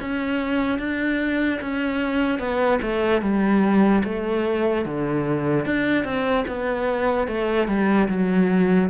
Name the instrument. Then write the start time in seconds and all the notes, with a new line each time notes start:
cello
0.00 C#4
0.79 D4
1.61 C#4
2.39 B3
2.82 A3
3.21 G3
4.04 A3
4.85 D3
5.65 D4
6.04 C4
6.47 B3
7.28 A3
7.67 G3
8.08 F#3